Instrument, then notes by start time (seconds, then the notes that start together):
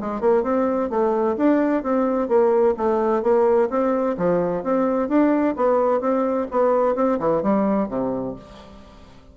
bassoon
0.00 G#3
0.21 A#3
0.43 C4
0.90 A3
1.37 D4
1.83 C4
2.28 A#3
2.77 A3
3.23 A#3
3.70 C4
4.17 F3
4.63 C4
5.08 D4
5.56 B3
6.00 C4
6.51 B3
6.96 C4
7.19 E3
7.42 G3
7.89 C3